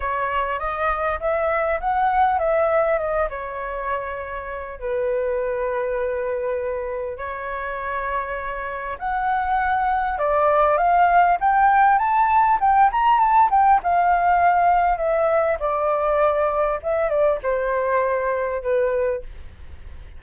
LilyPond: \new Staff \with { instrumentName = "flute" } { \time 4/4 \tempo 4 = 100 cis''4 dis''4 e''4 fis''4 | e''4 dis''8 cis''2~ cis''8 | b'1 | cis''2. fis''4~ |
fis''4 d''4 f''4 g''4 | a''4 g''8 ais''8 a''8 g''8 f''4~ | f''4 e''4 d''2 | e''8 d''8 c''2 b'4 | }